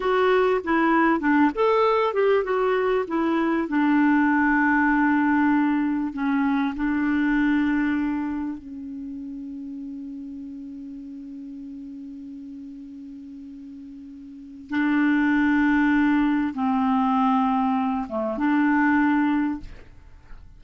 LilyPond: \new Staff \with { instrumentName = "clarinet" } { \time 4/4 \tempo 4 = 98 fis'4 e'4 d'8 a'4 g'8 | fis'4 e'4 d'2~ | d'2 cis'4 d'4~ | d'2 cis'2~ |
cis'1~ | cis'1 | d'2. c'4~ | c'4. a8 d'2 | }